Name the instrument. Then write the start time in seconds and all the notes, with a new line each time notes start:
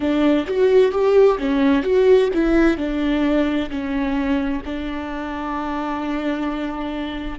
viola
0.00 D4
0.47 F#4
0.91 G4
1.38 C#4
1.83 F#4
2.33 E4
2.77 D4
3.69 C#4
4.65 D4